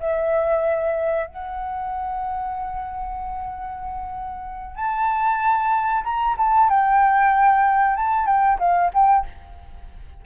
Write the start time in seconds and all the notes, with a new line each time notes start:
0.00 E5
1.27 F#5
4.76 A5
6.04 A#5
6.37 A5
6.69 G5
7.96 A5
8.26 G5
8.59 F5
8.94 G5